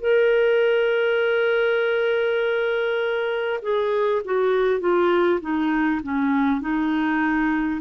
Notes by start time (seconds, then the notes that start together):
0.00 A#4
3.62 G#4
4.24 F#4
4.79 F4
5.41 D#4
6.02 C#4
6.61 D#4